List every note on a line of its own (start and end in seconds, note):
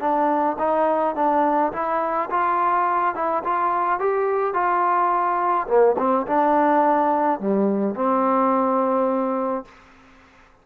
0.00 0.57 D4
0.59 1.16 D#4
1.16 1.72 D4
1.73 2.29 E4
2.30 3.15 F4
3.15 3.43 E4
3.44 4.00 F4
4.00 4.54 G4
4.54 5.67 F4
5.68 5.96 A#3
5.98 6.26 C4
6.27 7.40 D4
7.40 7.95 G3
7.95 9.65 C4